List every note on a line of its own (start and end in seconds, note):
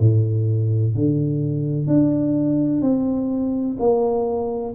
0.00 0.95 A2
0.95 1.87 D3
1.87 2.82 D4
2.82 3.77 C4
3.80 4.75 A#3